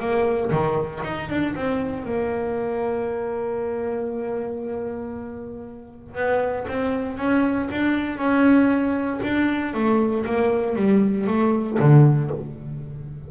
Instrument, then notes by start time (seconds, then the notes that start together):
double bass
0.00 A#3
0.52 D#3
1.04 D#4
1.29 D4
1.56 C4
2.05 A#3
6.15 B3
6.69 C4
7.18 C#4
7.71 D4
8.18 C#4
9.23 D4
9.74 A3
10.26 A#3
10.76 G3
11.27 A3
11.80 D3